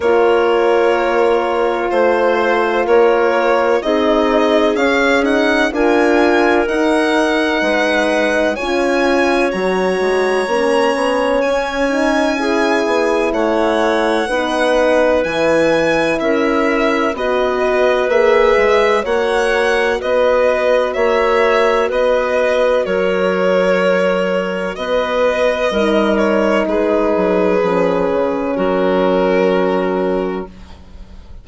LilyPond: <<
  \new Staff \with { instrumentName = "violin" } { \time 4/4 \tempo 4 = 63 cis''2 c''4 cis''4 | dis''4 f''8 fis''8 gis''4 fis''4~ | fis''4 gis''4 ais''2 | gis''2 fis''2 |
gis''4 e''4 dis''4 e''4 | fis''4 dis''4 e''4 dis''4 | cis''2 dis''4. cis''8 | b'2 ais'2 | }
  \new Staff \with { instrumentName = "clarinet" } { \time 4/4 ais'2 c''4 ais'4 | gis'2 ais'2 | b'4 cis''2.~ | cis''4 gis'4 cis''4 b'4~ |
b'4 ais'4 b'2 | cis''4 b'4 cis''4 b'4 | ais'2 b'4 ais'4 | gis'2 fis'2 | }
  \new Staff \with { instrumentName = "horn" } { \time 4/4 f'1 | dis'4 cis'8 dis'8 f'4 dis'4~ | dis'4 f'4 fis'4 cis'4~ | cis'8 dis'8 e'2 dis'4 |
e'2 fis'4 gis'4 | fis'1~ | fis'2. dis'4~ | dis'4 cis'2. | }
  \new Staff \with { instrumentName = "bassoon" } { \time 4/4 ais2 a4 ais4 | c'4 cis'4 d'4 dis'4 | gis4 cis'4 fis8 gis8 ais8 b8 | cis'4. b8 a4 b4 |
e4 cis'4 b4 ais8 gis8 | ais4 b4 ais4 b4 | fis2 b4 g4 | gis8 fis8 f8 cis8 fis2 | }
>>